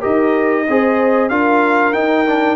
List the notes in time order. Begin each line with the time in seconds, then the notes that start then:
0.00 D#4 G4 A#4 D#5
0.67 C4 G#4 C5
1.29 D4 F4 A#4 F5
1.93 D#4 G5
2.26 D4